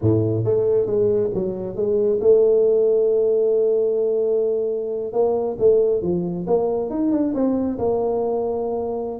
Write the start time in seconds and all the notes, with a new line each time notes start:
0.01 A2
0.44 A3
0.86 G#3
1.34 F#3
1.76 G#3
2.21 A3
5.12 A#3
5.58 A3
6.02 F3
6.46 A#3
6.90 D#4
7.11 D4
7.34 C4
7.78 A#3